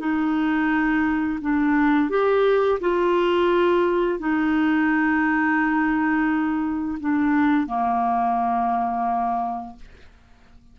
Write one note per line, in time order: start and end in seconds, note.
0.00 1.40 D#4
1.42 2.10 D4
2.10 2.80 G4
2.81 4.20 F4
4.20 6.99 D#4
7.00 7.67 D4
7.67 9.76 A#3